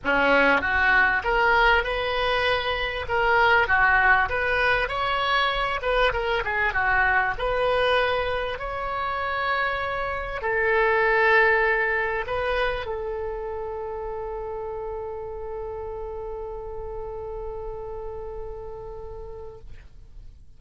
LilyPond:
\new Staff \with { instrumentName = "oboe" } { \time 4/4 \tempo 4 = 98 cis'4 fis'4 ais'4 b'4~ | b'4 ais'4 fis'4 b'4 | cis''4. b'8 ais'8 gis'8 fis'4 | b'2 cis''2~ |
cis''4 a'2. | b'4 a'2.~ | a'1~ | a'1 | }